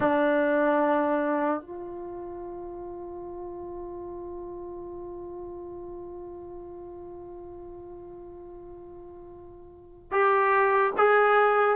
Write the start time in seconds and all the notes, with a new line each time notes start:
0.00 D4
1.61 F4
10.11 G4
10.97 G#4